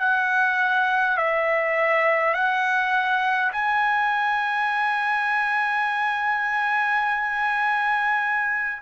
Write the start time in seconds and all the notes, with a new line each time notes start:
0.00 F#5
1.18 E5
2.34 F#5
3.52 G#5